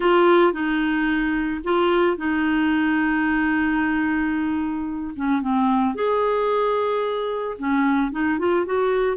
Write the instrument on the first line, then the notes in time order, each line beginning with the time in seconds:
clarinet
0.00 F4
0.53 D#4
1.64 F4
2.17 D#4
5.16 C#4
5.41 C4
5.95 G#4
7.58 C#4
8.11 D#4
8.38 F4
8.65 F#4